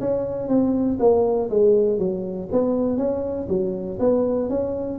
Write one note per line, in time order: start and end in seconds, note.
0.00 0.48 C#4
0.48 0.98 C4
0.99 1.49 A#3
1.50 1.98 G#3
1.98 2.48 F#3
2.52 2.97 B3
2.97 3.47 C#4
3.49 3.99 F#3
3.99 4.49 B3
4.49 4.98 C#4